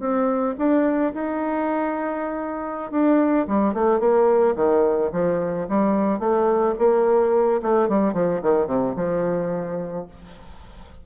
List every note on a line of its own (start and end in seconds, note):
0.00 0.55 C4
0.58 1.13 D4
1.14 2.92 D#4
2.92 3.47 D4
3.48 3.74 G3
3.74 4.00 A3
4.00 4.55 A#3
4.56 5.11 D#3
5.12 5.67 F3
5.69 6.20 G3
6.20 6.75 A3
6.79 7.61 A#3
7.62 7.89 A3
7.89 8.13 G3
8.13 8.41 F3
8.42 8.67 D#3
8.67 8.94 C3
8.96 10.06 F3